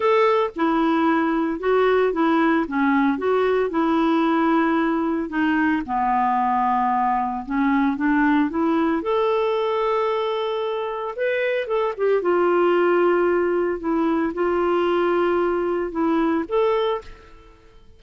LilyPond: \new Staff \with { instrumentName = "clarinet" } { \time 4/4 \tempo 4 = 113 a'4 e'2 fis'4 | e'4 cis'4 fis'4 e'4~ | e'2 dis'4 b4~ | b2 cis'4 d'4 |
e'4 a'2.~ | a'4 b'4 a'8 g'8 f'4~ | f'2 e'4 f'4~ | f'2 e'4 a'4 | }